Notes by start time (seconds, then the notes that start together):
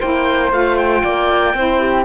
0.00 A#3 E4 C5 G5
0.51 A3 F4 F5
0.78 G5
1.04 A#3 D5
1.54 C4 E4 C5
1.80 G4